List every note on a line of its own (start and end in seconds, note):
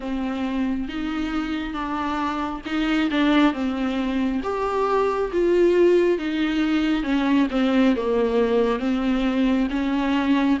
0.00 0.88 C4
0.88 1.73 D#4
1.73 2.61 D4
2.65 3.09 D#4
3.10 3.53 D4
3.53 4.41 C4
4.43 5.31 G4
5.32 6.18 F4
6.18 7.03 D#4
7.03 7.47 C#4
7.50 7.95 C4
7.96 8.79 A#3
8.79 9.67 C4
9.70 10.58 C#4